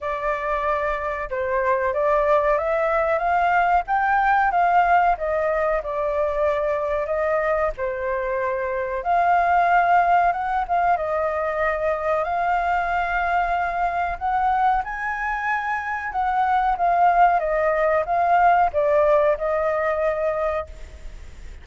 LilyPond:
\new Staff \with { instrumentName = "flute" } { \time 4/4 \tempo 4 = 93 d''2 c''4 d''4 | e''4 f''4 g''4 f''4 | dis''4 d''2 dis''4 | c''2 f''2 |
fis''8 f''8 dis''2 f''4~ | f''2 fis''4 gis''4~ | gis''4 fis''4 f''4 dis''4 | f''4 d''4 dis''2 | }